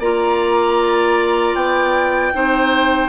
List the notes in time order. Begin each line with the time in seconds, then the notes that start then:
0.00 A#3 F4 D5 A#5
1.55 B3 G5
2.34 C4 D#4 C5